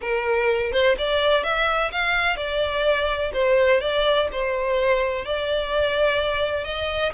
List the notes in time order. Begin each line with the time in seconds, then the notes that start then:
0.01 A#4
0.72 C5
0.98 D5
1.43 E5
1.91 F5
2.36 D5
3.33 C5
3.80 D5
4.31 C5
5.25 D5
6.64 D#5